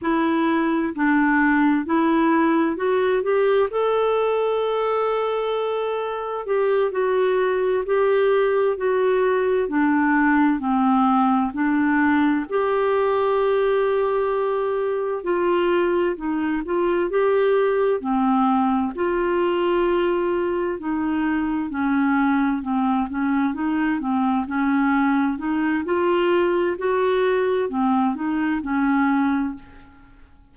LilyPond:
\new Staff \with { instrumentName = "clarinet" } { \time 4/4 \tempo 4 = 65 e'4 d'4 e'4 fis'8 g'8 | a'2. g'8 fis'8~ | fis'8 g'4 fis'4 d'4 c'8~ | c'8 d'4 g'2~ g'8~ |
g'8 f'4 dis'8 f'8 g'4 c'8~ | c'8 f'2 dis'4 cis'8~ | cis'8 c'8 cis'8 dis'8 c'8 cis'4 dis'8 | f'4 fis'4 c'8 dis'8 cis'4 | }